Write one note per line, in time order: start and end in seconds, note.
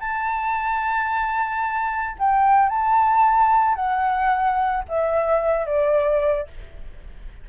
0.00 2.16 A5
2.19 2.69 G5
2.69 3.75 A5
3.75 4.84 F#5
4.88 5.66 E5
5.66 6.47 D5